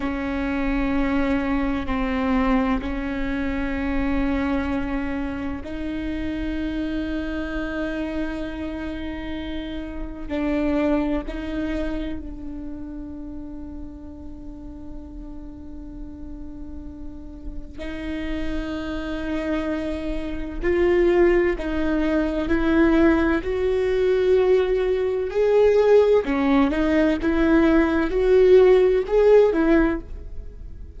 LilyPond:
\new Staff \with { instrumentName = "viola" } { \time 4/4 \tempo 4 = 64 cis'2 c'4 cis'4~ | cis'2 dis'2~ | dis'2. d'4 | dis'4 d'2.~ |
d'2. dis'4~ | dis'2 f'4 dis'4 | e'4 fis'2 gis'4 | cis'8 dis'8 e'4 fis'4 gis'8 e'8 | }